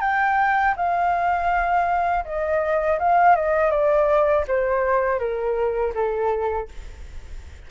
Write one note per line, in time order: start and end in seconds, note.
0.00 0.74 G5
0.76 2.24 F5
2.24 2.98 D#5
2.99 3.35 F5
3.35 3.70 D#5
3.70 4.44 D5
4.47 5.19 C5
5.19 5.93 A#4
5.94 6.68 A4